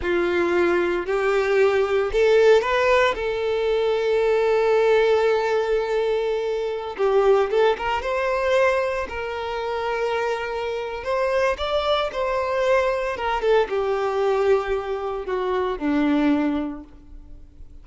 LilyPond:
\new Staff \with { instrumentName = "violin" } { \time 4/4 \tempo 4 = 114 f'2 g'2 | a'4 b'4 a'2~ | a'1~ | a'4~ a'16 g'4 a'8 ais'8 c''8.~ |
c''4~ c''16 ais'2~ ais'8.~ | ais'4 c''4 d''4 c''4~ | c''4 ais'8 a'8 g'2~ | g'4 fis'4 d'2 | }